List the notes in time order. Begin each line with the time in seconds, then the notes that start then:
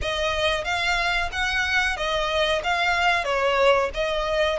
0.01 D#5
0.64 F5
1.32 F#5
1.97 D#5
2.63 F5
3.24 C#5
3.94 D#5